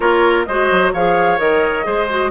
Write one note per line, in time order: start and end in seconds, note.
0.00 0.46 A#3
0.00 0.46 F4
0.00 0.46 A#4
0.00 0.44 C#5
0.45 0.70 G#3
0.45 0.95 F#4
0.45 0.93 C5
0.45 0.91 D#5
0.71 0.94 F#3
0.93 1.39 F3
0.93 1.37 G#4
0.93 1.86 C#5
0.93 1.38 F5
1.37 1.85 D#3
1.37 1.84 A#4
1.37 2.31 D#5
1.84 2.31 G#3
1.84 2.07 G#4
1.84 2.31 C5
2.09 2.31 F#4